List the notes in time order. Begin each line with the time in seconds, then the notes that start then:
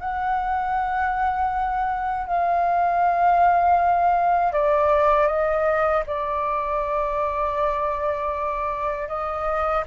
0.00 F#5
2.27 F5
4.53 D5
5.27 D#5
6.07 D5
9.08 D#5